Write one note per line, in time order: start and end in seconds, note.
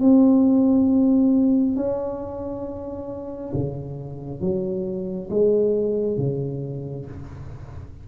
0.00 1.76 C4
1.76 3.53 C#4
3.53 4.41 C#3
4.41 5.29 F#3
5.30 6.17 G#3
6.17 7.05 C#3